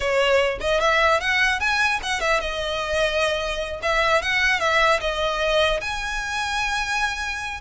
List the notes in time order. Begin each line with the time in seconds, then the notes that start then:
0.00 C#5
0.60 D#5
0.80 E5
1.20 F#5
1.60 G#5
2.02 F#5
2.20 E5
2.40 D#5
3.82 E5
4.22 F#5
4.60 E5
5.00 D#5
5.81 G#5